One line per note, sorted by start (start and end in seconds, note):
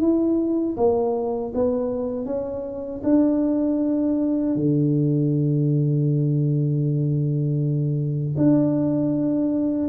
0.00 0.76 E4
0.77 1.53 A#3
1.54 2.25 B3
2.25 3.01 C#4
3.03 4.55 D4
4.55 8.35 D3
8.37 9.88 D4